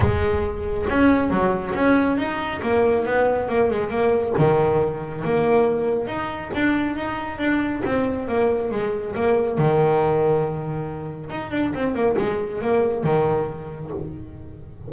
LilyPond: \new Staff \with { instrumentName = "double bass" } { \time 4/4 \tempo 4 = 138 gis2 cis'4 fis4 | cis'4 dis'4 ais4 b4 | ais8 gis8 ais4 dis2 | ais2 dis'4 d'4 |
dis'4 d'4 c'4 ais4 | gis4 ais4 dis2~ | dis2 dis'8 d'8 c'8 ais8 | gis4 ais4 dis2 | }